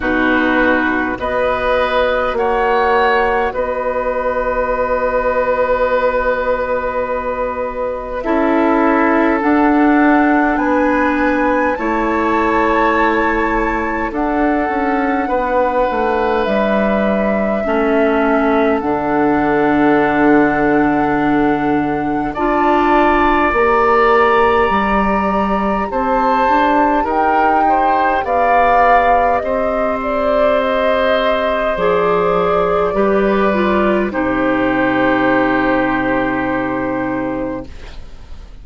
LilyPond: <<
  \new Staff \with { instrumentName = "flute" } { \time 4/4 \tempo 4 = 51 b'4 dis''4 fis''4 dis''4~ | dis''2. e''4 | fis''4 gis''4 a''2 | fis''2 e''2 |
fis''2. a''4 | ais''2 a''4 g''4 | f''4 dis''8 d''8 dis''4 d''4~ | d''4 c''2. | }
  \new Staff \with { instrumentName = "oboe" } { \time 4/4 fis'4 b'4 cis''4 b'4~ | b'2. a'4~ | a'4 b'4 cis''2 | a'4 b'2 a'4~ |
a'2. d''4~ | d''2 c''4 ais'8 c''8 | d''4 c''2. | b'4 g'2. | }
  \new Staff \with { instrumentName = "clarinet" } { \time 4/4 dis'4 fis'2.~ | fis'2. e'4 | d'2 e'2 | d'2. cis'4 |
d'2. f'4 | g'1~ | g'2. gis'4 | g'8 f'8 dis'2. | }
  \new Staff \with { instrumentName = "bassoon" } { \time 4/4 b,4 b4 ais4 b4~ | b2. cis'4 | d'4 b4 a2 | d'8 cis'8 b8 a8 g4 a4 |
d2. d'4 | ais4 g4 c'8 d'8 dis'4 | b4 c'2 f4 | g4 c2. | }
>>